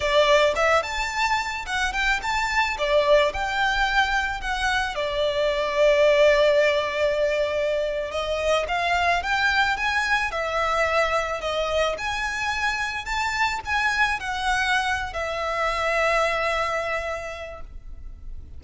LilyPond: \new Staff \with { instrumentName = "violin" } { \time 4/4 \tempo 4 = 109 d''4 e''8 a''4. fis''8 g''8 | a''4 d''4 g''2 | fis''4 d''2.~ | d''2~ d''8. dis''4 f''16~ |
f''8. g''4 gis''4 e''4~ e''16~ | e''8. dis''4 gis''2 a''16~ | a''8. gis''4 fis''4.~ fis''16 e''8~ | e''1 | }